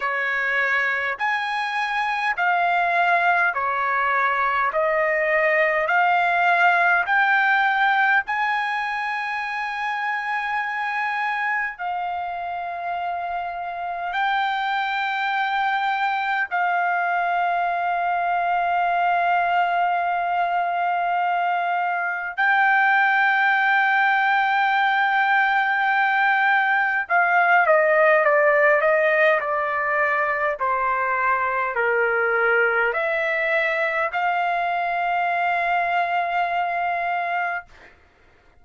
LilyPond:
\new Staff \with { instrumentName = "trumpet" } { \time 4/4 \tempo 4 = 51 cis''4 gis''4 f''4 cis''4 | dis''4 f''4 g''4 gis''4~ | gis''2 f''2 | g''2 f''2~ |
f''2. g''4~ | g''2. f''8 dis''8 | d''8 dis''8 d''4 c''4 ais'4 | e''4 f''2. | }